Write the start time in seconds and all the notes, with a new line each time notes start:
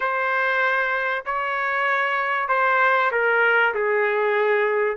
0.00 C5
1.25 C#5
2.48 C5
3.11 A#4
3.74 G#4